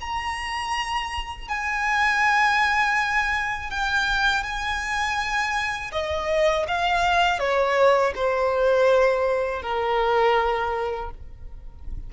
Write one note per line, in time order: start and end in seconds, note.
0.00 1.48 A#5
1.48 3.70 G#5
3.70 4.43 G5
4.43 5.91 G#5
5.92 6.66 D#5
6.67 7.39 F5
7.39 8.13 C#5
8.15 9.62 C5
9.62 11.10 A#4